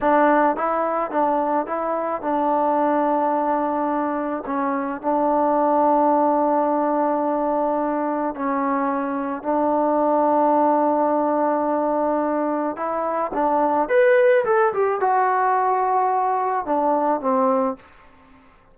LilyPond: \new Staff \with { instrumentName = "trombone" } { \time 4/4 \tempo 4 = 108 d'4 e'4 d'4 e'4 | d'1 | cis'4 d'2.~ | d'2. cis'4~ |
cis'4 d'2.~ | d'2. e'4 | d'4 b'4 a'8 g'8 fis'4~ | fis'2 d'4 c'4 | }